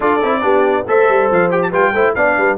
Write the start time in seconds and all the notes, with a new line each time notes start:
0.00 D4 F4 A4 D5
0.23 C4 E4
0.41 B3 D4 G4
0.87 A3 A4 C5 E5
1.08 G3
1.30 F3 F5
1.50 G4 G5
1.62 A5
1.70 G3 F4 B4 G5
1.93 A3 E4 C5
2.14 B3 D4 D5 F5
2.37 G3 B4